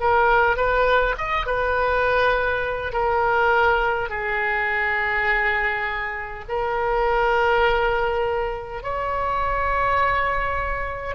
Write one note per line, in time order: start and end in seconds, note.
0.00 0.56 A#4
0.56 1.15 B4
1.18 1.46 D#5
1.46 2.93 B4
2.93 4.09 A#4
4.09 6.44 G#4
6.48 8.83 A#4
8.83 11.15 C#5